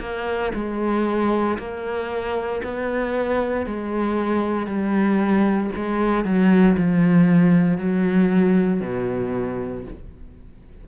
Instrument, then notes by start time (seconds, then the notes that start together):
cello
0.00 A#3
0.54 G#3
1.58 A#3
2.64 B3
3.66 G#3
4.66 G3
5.76 G#3
6.24 F#3
6.77 F3
7.78 F#3
8.81 B2